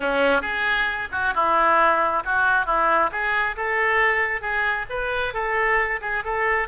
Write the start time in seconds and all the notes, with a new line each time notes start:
0.00 C#4
0.41 G#4
1.11 F#4
1.34 E4
2.24 F#4
2.66 E4
3.11 G#4
3.56 A4
4.41 G#4
4.89 B4
5.33 A4
6.01 G#4
6.24 A4